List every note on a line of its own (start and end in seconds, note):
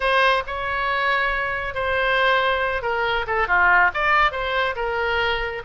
0.00 0.43 C5
0.46 1.74 C#5
1.74 2.82 C5
2.82 3.25 A#4
3.26 3.47 A4
3.47 3.91 F4
3.94 4.31 D5
4.31 4.75 C5
4.75 5.62 A#4